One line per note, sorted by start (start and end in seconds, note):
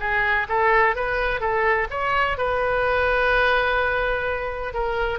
0.00 0.47 G#4
0.49 0.96 A4
0.96 1.40 B4
1.40 1.88 A4
1.90 2.38 C#5
2.38 4.74 B4
4.74 5.19 A#4